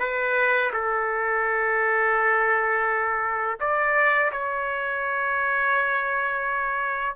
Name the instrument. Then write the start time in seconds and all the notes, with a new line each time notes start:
trumpet
0.00 B4
0.73 A4
3.61 D5
4.32 C#5